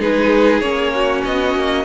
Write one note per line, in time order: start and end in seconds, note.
0.00 0.61 G#3
0.00 0.62 D#4
0.00 0.93 G#4
0.00 0.60 B4
0.60 1.23 A#3
0.60 1.85 C#4
0.60 1.22 C#5
0.94 1.85 F#4
1.25 1.55 B3
1.25 1.85 D#5
1.55 1.85 A#3